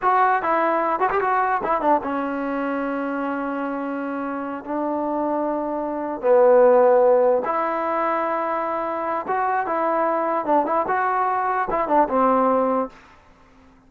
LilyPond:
\new Staff \with { instrumentName = "trombone" } { \time 4/4 \tempo 4 = 149 fis'4 e'4. fis'16 g'16 fis'4 | e'8 d'8 cis'2.~ | cis'2.~ cis'8 d'8~ | d'2.~ d'8 b8~ |
b2~ b8 e'4.~ | e'2. fis'4 | e'2 d'8 e'8 fis'4~ | fis'4 e'8 d'8 c'2 | }